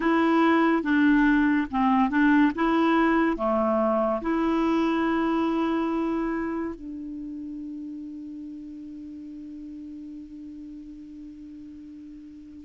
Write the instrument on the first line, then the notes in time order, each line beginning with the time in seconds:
clarinet
0.00 E4
0.82 D4
1.71 C4
2.09 D4
2.55 E4
3.36 A3
4.21 E4
6.74 D4